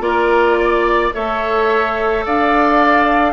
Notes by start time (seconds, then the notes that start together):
0.00 A#3 F4 A#4 D5
0.59 D5
1.13 A3 A4 C#5 E5
2.25 D4 D5 F5